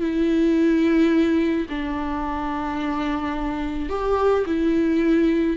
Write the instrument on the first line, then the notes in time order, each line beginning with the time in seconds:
viola
0.00 E4
1.69 D4
3.89 G4
4.46 E4